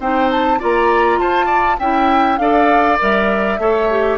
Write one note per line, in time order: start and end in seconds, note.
0.00 0.60 C4
0.00 0.59 D#4
0.00 0.59 C5
0.00 0.31 G5
0.31 0.61 A5
0.59 1.18 A#3
0.59 1.79 F4
0.59 1.19 D5
0.59 1.19 A#5
1.18 1.78 F4
1.18 1.46 C5
1.18 1.79 A5
1.46 1.76 D5
1.79 2.39 C#4
1.79 2.39 E4
1.79 2.39 E5
1.79 2.38 G5
2.38 2.99 D4
2.38 2.99 A4
2.38 3.61 D5
2.38 2.98 F5
2.99 3.59 G3
2.99 3.59 A#4
2.99 4.18 E5
3.59 4.18 A3
3.59 3.90 A4
3.59 4.18 C#5
3.90 4.18 G4